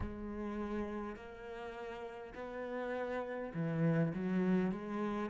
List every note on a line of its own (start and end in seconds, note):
0.00 1.16 G#3
1.16 2.33 A#3
2.35 3.52 B3
3.53 4.12 E3
4.14 4.71 F#3
4.71 5.29 G#3